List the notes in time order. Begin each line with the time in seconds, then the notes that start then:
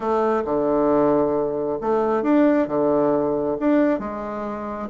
0.00 A3
0.44 D3
1.81 A3
2.22 D4
2.67 D3
3.59 D4
3.99 G#3